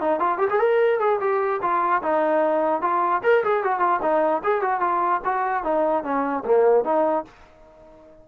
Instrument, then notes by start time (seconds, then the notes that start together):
trombone
0.00 D#4
0.19 F4
0.38 G4
0.50 G#4
0.59 A#4
0.99 G#4
1.20 G4
1.61 F4
2.02 D#4
2.81 F4
3.23 A#4
3.44 G#4
3.63 F#4
3.79 F4
4.02 D#4
4.43 G#4
4.61 F#4
4.80 F4
5.25 F#4
5.63 D#4
6.03 C#4
6.45 A#3
6.84 D#4